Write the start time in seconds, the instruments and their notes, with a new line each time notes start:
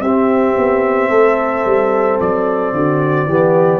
0.00 tuba C4, trombone C4, horn G4, trumpet E5
0.57 tuba B3
1.10 tuba A3, horn A4
1.65 tuba G3
2.20 tuba F#3, trumpet D5
2.73 tuba D3, horn F#4
3.26 tuba E3, trombone B3, horn G4